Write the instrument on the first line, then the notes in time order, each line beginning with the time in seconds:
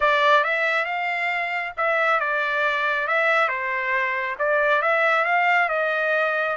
trumpet
0.00 D5
0.44 E5
0.85 F5
1.77 E5
2.20 D5
3.07 E5
3.48 C5
4.39 D5
4.82 E5
5.25 F5
5.69 D#5